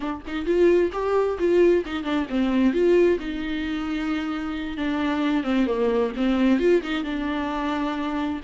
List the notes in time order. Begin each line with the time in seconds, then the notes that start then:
0.00 D4
0.27 D#4
0.45 F4
0.92 G4
1.39 F4
1.85 D#4
2.03 D4
2.29 C4
2.73 F4
3.19 D#4
4.77 D4
5.43 C4
5.66 A#3
6.16 C4
6.59 F4
6.82 D#4
7.04 D4